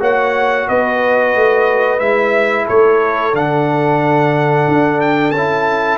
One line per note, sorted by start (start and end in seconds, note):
0.00 0.67 A#3
0.00 2.00 F#4
0.00 0.67 C#5
0.00 0.69 F#5
0.68 1.36 B3
0.68 2.67 B4
0.68 2.00 D#5
1.36 2.01 A3
2.00 2.67 G#3
2.00 3.33 E4
2.00 2.66 E5
2.67 3.34 A3
2.67 5.98 A4
2.67 3.35 C#5
3.33 4.67 D3
3.33 5.33 D4
3.33 5.01 F#5
4.68 5.32 D4
5.01 5.31 G5
5.31 5.98 C#4
5.31 5.98 A5
5.37 5.98 E4